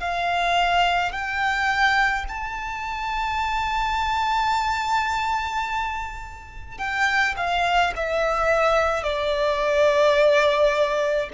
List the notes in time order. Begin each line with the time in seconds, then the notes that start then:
0.00 F5
1.12 G5
2.28 A5
6.78 G5
7.36 F5
7.96 E5
9.03 D5